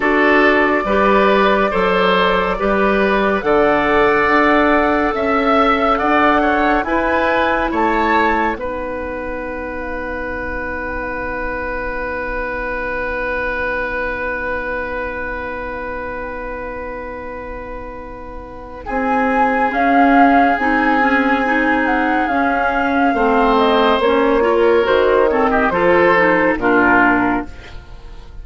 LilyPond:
<<
  \new Staff \with { instrumentName = "flute" } { \time 4/4 \tempo 4 = 70 d''1 | fis''2 e''4 fis''4 | gis''4 a''4 fis''2~ | fis''1~ |
fis''1~ | fis''2 gis''4 f''4 | gis''4. fis''8 f''4. dis''8 | cis''4 c''8 cis''16 dis''16 c''4 ais'4 | }
  \new Staff \with { instrumentName = "oboe" } { \time 4/4 a'4 b'4 c''4 b'4 | d''2 e''4 d''8 cis''8 | b'4 cis''4 b'2~ | b'1~ |
b'1~ | b'2 gis'2~ | gis'2. c''4~ | c''8 ais'4 a'16 g'16 a'4 f'4 | }
  \new Staff \with { instrumentName = "clarinet" } { \time 4/4 fis'4 g'4 a'4 g'4 | a'1 | e'2 dis'2~ | dis'1~ |
dis'1~ | dis'2. cis'4 | dis'8 cis'8 dis'4 cis'4 c'4 | cis'8 f'8 fis'8 c'8 f'8 dis'8 d'4 | }
  \new Staff \with { instrumentName = "bassoon" } { \time 4/4 d'4 g4 fis4 g4 | d4 d'4 cis'4 d'4 | e'4 a4 b2~ | b1~ |
b1~ | b2 c'4 cis'4 | c'2 cis'4 a4 | ais4 dis4 f4 ais,4 | }
>>